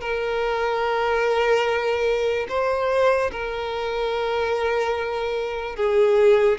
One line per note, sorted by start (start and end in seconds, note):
0.00 2.47 A#4
2.48 3.31 C5
3.31 5.76 A#4
5.76 6.58 G#4